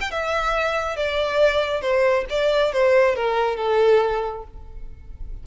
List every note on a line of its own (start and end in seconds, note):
0.00 0.10 G5
0.10 0.96 E5
0.96 1.81 D5
1.81 2.25 C5
2.29 2.72 D5
2.72 3.15 C5
3.15 3.56 A#4
3.56 4.43 A4